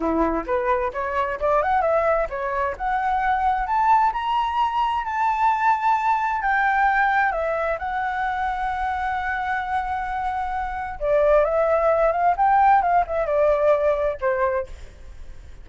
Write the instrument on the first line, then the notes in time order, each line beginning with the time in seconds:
flute
0.00 E4
0.46 B4
0.93 C#5
1.40 D5
1.62 F#5
1.81 E5
2.29 C#5
2.77 F#5
3.66 A5
4.12 A#5
5.04 A5
6.42 G5
7.32 E5
7.78 F#5
10.99 D5
11.44 E5
12.12 F5
12.36 G5
12.81 F5
13.06 E5
13.26 D5
14.20 C5